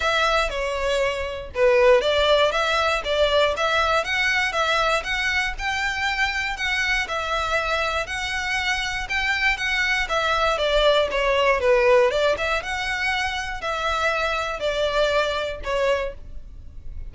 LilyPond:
\new Staff \with { instrumentName = "violin" } { \time 4/4 \tempo 4 = 119 e''4 cis''2 b'4 | d''4 e''4 d''4 e''4 | fis''4 e''4 fis''4 g''4~ | g''4 fis''4 e''2 |
fis''2 g''4 fis''4 | e''4 d''4 cis''4 b'4 | d''8 e''8 fis''2 e''4~ | e''4 d''2 cis''4 | }